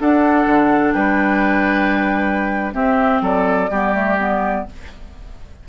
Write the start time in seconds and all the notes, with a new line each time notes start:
0.00 D4 A4 F#5
0.46 D3
0.92 G3 B4 G5
2.73 C4 G4 E5
3.21 F#3 A4 D5
3.69 G3 B3 G4
3.93 A3
4.18 B3